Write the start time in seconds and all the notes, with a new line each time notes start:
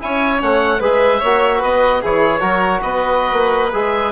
0.00 C#4 E4 C#5 G#5
0.39 A3 C#4 F#5
0.79 G#3 G#4 B4 E5
1.19 A#3 C#5
1.25 F#4
1.58 B3 B4 D#5
2.01 E3 E4 G#4 C#5
2.40 F#3 F#4 A#4
2.82 B3 B4 D#5
3.32 A#3
3.73 G#3 G#4 E5